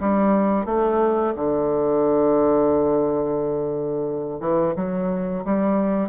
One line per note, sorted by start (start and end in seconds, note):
0.00 0.65 G3
0.65 1.34 A3
1.35 4.40 D3
4.40 4.74 E3
4.76 5.44 F#3
5.45 6.09 G3